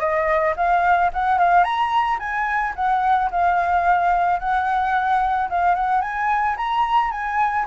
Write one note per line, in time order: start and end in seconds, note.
0.00 0.55 D#5
0.57 1.11 F5
1.13 1.39 F#5
1.39 1.64 F5
1.64 2.19 A#5
2.19 2.74 G#5
2.76 3.30 F#5
3.31 4.40 F5
4.40 5.49 F#5
5.50 5.75 F5
5.75 6.01 F#5
6.01 6.56 G#5
6.57 7.11 A#5
7.11 7.66 G#5